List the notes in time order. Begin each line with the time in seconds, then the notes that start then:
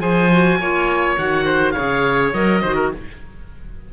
0.00 F3 G#4 C5 G#5
0.32 F#4
0.59 A#3 F4 C#5
1.18 D#3 F#4 F#5
1.46 C5
1.71 G#4 C#5 F5
1.78 C#3
2.34 F#3 A#4 D#5
2.62 D#3 F#4 C5
2.76 A#4